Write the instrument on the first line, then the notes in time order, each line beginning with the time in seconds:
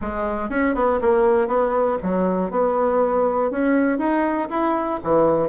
bassoon
0.01 G#3
0.49 C#4
0.75 B3
1.01 A#3
1.47 B3
2.02 F#3
2.50 B3
3.50 C#4
3.98 D#4
4.50 E4
5.02 E3